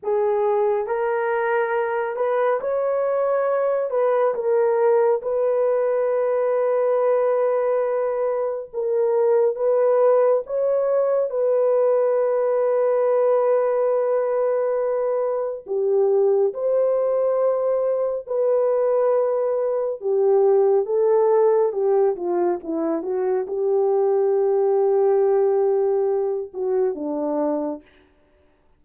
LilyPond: \new Staff \with { instrumentName = "horn" } { \time 4/4 \tempo 4 = 69 gis'4 ais'4. b'8 cis''4~ | cis''8 b'8 ais'4 b'2~ | b'2 ais'4 b'4 | cis''4 b'2.~ |
b'2 g'4 c''4~ | c''4 b'2 g'4 | a'4 g'8 f'8 e'8 fis'8 g'4~ | g'2~ g'8 fis'8 d'4 | }